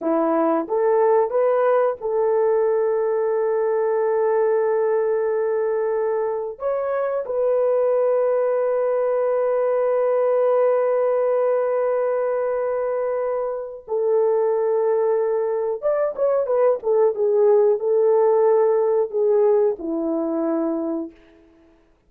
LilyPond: \new Staff \with { instrumentName = "horn" } { \time 4/4 \tempo 4 = 91 e'4 a'4 b'4 a'4~ | a'1~ | a'2 cis''4 b'4~ | b'1~ |
b'1~ | b'4 a'2. | d''8 cis''8 b'8 a'8 gis'4 a'4~ | a'4 gis'4 e'2 | }